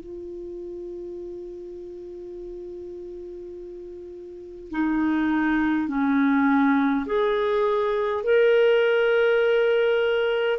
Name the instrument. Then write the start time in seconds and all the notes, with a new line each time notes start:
clarinet
0.00 F4
4.71 D#4
5.88 C#4
7.06 G#4
8.24 A#4